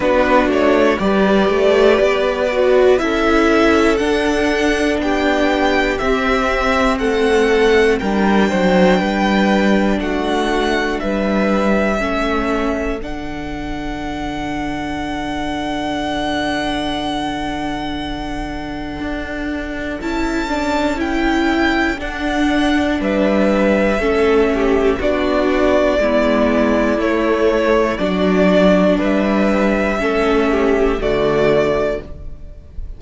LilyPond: <<
  \new Staff \with { instrumentName = "violin" } { \time 4/4 \tempo 4 = 60 b'8 cis''8 d''2 e''4 | fis''4 g''4 e''4 fis''4 | g''2 fis''4 e''4~ | e''4 fis''2.~ |
fis''1 | a''4 g''4 fis''4 e''4~ | e''4 d''2 cis''4 | d''4 e''2 d''4 | }
  \new Staff \with { instrumentName = "violin" } { \time 4/4 fis'4 b'2 a'4~ | a'4 g'2 a'4 | ais'8 c''8 b'4 fis'4 b'4 | a'1~ |
a'1~ | a'2. b'4 | a'8 g'8 fis'4 e'2 | fis'4 b'4 a'8 g'8 fis'4 | }
  \new Staff \with { instrumentName = "viola" } { \time 4/4 d'4 g'4. fis'8 e'4 | d'2 c'2 | d'1 | cis'4 d'2.~ |
d'1 | e'8 d'8 e'4 d'2 | cis'4 d'4 b4 a4 | d'2 cis'4 a4 | }
  \new Staff \with { instrumentName = "cello" } { \time 4/4 b8 a8 g8 a8 b4 cis'4 | d'4 b4 c'4 a4 | g8 fis8 g4 a4 g4 | a4 d2.~ |
d2. d'4 | cis'2 d'4 g4 | a4 b4 gis4 a4 | fis4 g4 a4 d4 | }
>>